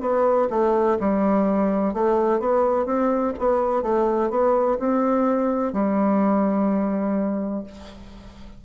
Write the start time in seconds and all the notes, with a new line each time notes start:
0.00 B3
0.50 A3
1.00 G3
1.93 A3
2.39 B3
2.85 C4
3.38 B3
3.82 A3
4.30 B3
4.79 C4
5.73 G3